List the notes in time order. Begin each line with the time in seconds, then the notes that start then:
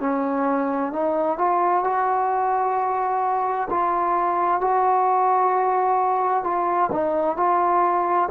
0.00 C#4
0.92 D#4
1.38 F4
1.84 F#4
3.70 F4
4.61 F#4
6.44 F4
6.91 D#4
7.37 F4